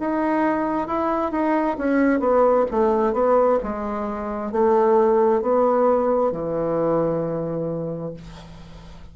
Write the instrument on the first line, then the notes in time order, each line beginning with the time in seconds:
bassoon
0.00 D#4
0.88 E4
1.31 D#4
1.78 C#4
2.20 B3
2.71 A3
3.13 B3
3.63 G#3
4.52 A3
5.42 B3
6.32 E3